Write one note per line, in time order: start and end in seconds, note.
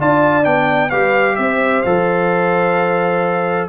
0.00 0.46 D4
0.00 0.44 F4
0.00 0.90 D5
0.00 0.45 A5
0.44 0.92 B3
0.44 0.90 D4
0.44 0.90 G5
0.90 1.38 G3
0.90 1.85 G4
0.90 1.36 B4
0.90 1.36 F5
1.36 1.85 C4
1.36 3.69 C5
1.36 1.82 E5
1.82 3.69 F3
1.82 3.69 A4
1.82 3.69 F5